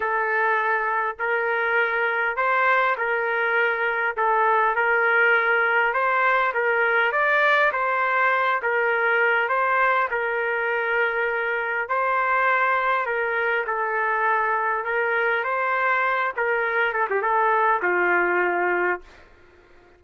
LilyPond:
\new Staff \with { instrumentName = "trumpet" } { \time 4/4 \tempo 4 = 101 a'2 ais'2 | c''4 ais'2 a'4 | ais'2 c''4 ais'4 | d''4 c''4. ais'4. |
c''4 ais'2. | c''2 ais'4 a'4~ | a'4 ais'4 c''4. ais'8~ | ais'8 a'16 g'16 a'4 f'2 | }